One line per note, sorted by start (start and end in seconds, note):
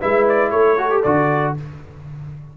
0.00 0.52 G#3
0.00 0.78 E4
0.00 0.51 B4
0.00 0.27 E5
0.29 0.51 D5
0.51 1.03 A3
0.51 1.56 A4
0.51 1.02 C#5
0.78 0.90 F#4
0.90 1.03 G4
1.03 1.57 D3
1.03 1.57 F#4
1.03 1.55 D5